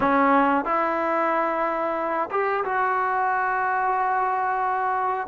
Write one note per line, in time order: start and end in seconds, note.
0.00 0.64 C#4
0.64 2.29 E4
2.30 2.63 G4
2.64 5.27 F#4